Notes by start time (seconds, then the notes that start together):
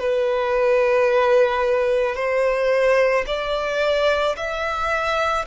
0.00 B4
2.16 C5
3.27 D5
4.37 E5